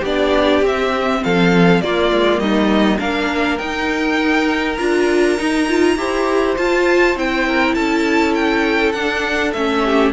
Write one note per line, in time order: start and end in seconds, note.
0.00 0.62 B3
0.00 0.65 D4
0.00 1.19 G4
0.00 0.65 D5
0.62 1.21 C4
0.62 1.84 C4
0.62 1.24 E5
1.24 1.82 F3
1.24 1.84 A4
1.24 1.82 F5
1.82 2.12 A#3
1.82 2.99 A#3
1.82 2.42 F4
1.82 2.39 D5
2.13 2.39 G#3
2.39 2.98 G3
2.39 2.99 D#4
2.39 2.99 D#5
2.99 3.60 A#3
2.99 3.59 D4
2.99 5.96 A#4
2.99 3.58 F5
3.58 4.78 D#4
3.58 4.77 G5
4.77 5.39 D4
4.77 5.38 F4
4.77 6.55 A#5
5.38 5.67 D#4
5.38 5.97 D#4
5.69 5.97 F4
5.97 6.56 E4
5.97 6.57 G4
5.97 7.47 C5
6.58 7.17 F4
6.58 7.16 F4
6.58 7.17 A5
7.16 7.75 C4
7.16 8.95 E4
7.16 7.75 G5
7.47 7.75 A#4
7.75 8.94 C#4
7.75 9.83 A4
7.75 8.34 A5
8.35 8.92 G5
8.92 9.54 D4
8.92 9.55 D4
8.92 9.52 F#5
9.53 10.13 A3
9.53 10.13 C#4
9.53 10.12 E5
9.85 10.13 G4